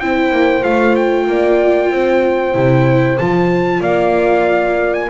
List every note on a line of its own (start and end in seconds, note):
0.00 0.31 C4
0.00 0.62 E4
0.00 1.28 C5
0.00 0.64 G5
0.31 0.63 A#3
0.62 1.27 A3
0.62 2.53 F4
0.62 0.95 F5
0.96 3.18 G5
1.27 1.91 A#3
1.27 1.92 D5
1.91 2.55 C4
1.91 3.80 C5
2.54 3.19 C3
2.54 3.17 E4
3.18 3.81 F3
3.18 5.10 F4
3.18 3.82 A5
3.80 5.08 A#3
3.80 5.07 D5
3.80 4.94 F5
4.94 5.10 G#5